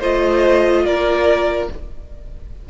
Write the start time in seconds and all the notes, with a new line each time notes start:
0.00 A3 F4 C5 D#5
0.85 A#3 A#4 D5